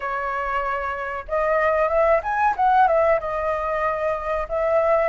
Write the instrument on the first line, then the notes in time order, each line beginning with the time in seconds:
flute
0.00 C#5
1.28 D#5
1.88 E5
2.23 G#5
2.56 F#5
2.87 E5
3.19 D#5
4.49 E5